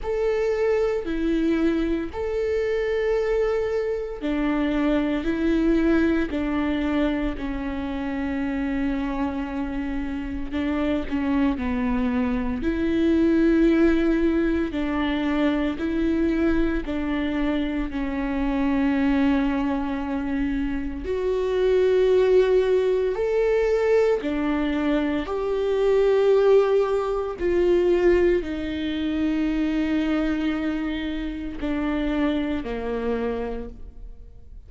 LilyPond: \new Staff \with { instrumentName = "viola" } { \time 4/4 \tempo 4 = 57 a'4 e'4 a'2 | d'4 e'4 d'4 cis'4~ | cis'2 d'8 cis'8 b4 | e'2 d'4 e'4 |
d'4 cis'2. | fis'2 a'4 d'4 | g'2 f'4 dis'4~ | dis'2 d'4 ais4 | }